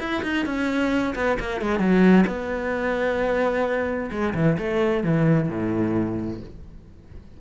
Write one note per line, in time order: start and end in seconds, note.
0.00 0.23 E4
0.23 0.46 D#4
0.46 1.15 C#4
1.16 1.38 B3
1.40 1.62 A#3
1.62 1.79 G#3
1.79 2.25 F#3
2.27 4.11 B3
4.11 4.34 G#3
4.35 4.58 E3
4.58 5.04 A3
5.04 5.49 E3
5.49 6.41 A2